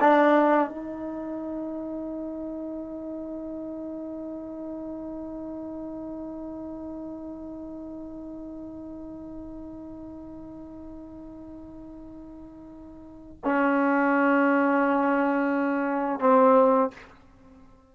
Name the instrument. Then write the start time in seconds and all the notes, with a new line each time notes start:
trombone
0.00 D4
0.69 D#4
13.44 C#4
16.19 C4